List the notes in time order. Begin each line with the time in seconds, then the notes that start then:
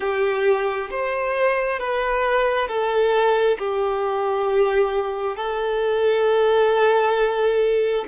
0.00 G4
0.90 C5
1.79 B4
2.68 A4
3.58 G4
5.36 A4